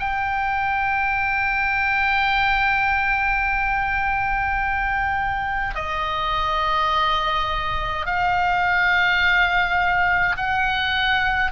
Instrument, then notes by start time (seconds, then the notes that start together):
oboe
0.00 G5
5.75 D#5
8.06 F5
10.37 F#5